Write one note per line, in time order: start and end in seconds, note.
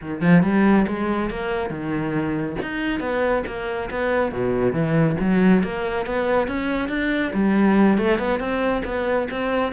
0.01 0.21 D#3
0.21 0.42 F3
0.42 0.85 G3
0.87 1.30 G#3
1.30 1.70 A#3
1.70 2.56 D#3
2.62 3.00 D#4
3.00 3.43 B3
3.46 3.89 A#3
3.90 4.32 B3
4.32 4.72 B2
4.72 5.15 E3
5.20 5.63 F#3
5.63 6.05 A#3
6.05 6.47 B3
6.47 6.88 C#4
6.88 7.31 D4
7.33 7.98 G3
7.98 8.18 A3
8.18 8.39 B3
8.39 8.82 C4
8.84 9.28 B3
9.30 9.72 C4